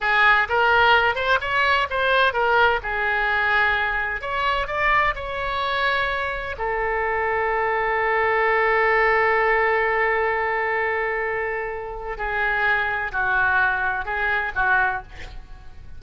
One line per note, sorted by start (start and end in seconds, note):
0.01 0.48 G#4
0.48 1.15 A#4
1.15 1.38 C5
1.40 1.87 C#5
1.90 2.33 C5
2.33 2.80 A#4
2.83 4.21 G#4
4.21 4.67 C#5
4.67 5.14 D5
5.15 6.56 C#5
6.58 12.17 A4
12.17 13.11 G#4
13.12 14.05 F#4
14.05 14.52 G#4
14.55 15.02 F#4